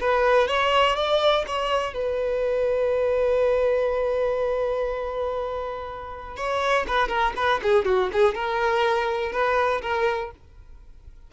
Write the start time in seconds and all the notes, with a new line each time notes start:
0.00 B4
0.48 C#5
0.96 D5
1.47 C#5
1.94 B4
6.36 C#5
6.87 B4
7.08 A#4
7.36 B4
7.63 G#4
7.85 F#4
8.13 G#4
8.35 A#4
9.32 B4
9.82 A#4